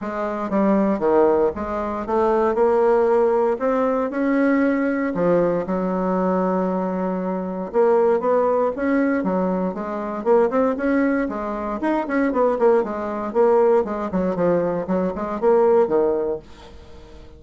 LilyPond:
\new Staff \with { instrumentName = "bassoon" } { \time 4/4 \tempo 4 = 117 gis4 g4 dis4 gis4 | a4 ais2 c'4 | cis'2 f4 fis4~ | fis2. ais4 |
b4 cis'4 fis4 gis4 | ais8 c'8 cis'4 gis4 dis'8 cis'8 | b8 ais8 gis4 ais4 gis8 fis8 | f4 fis8 gis8 ais4 dis4 | }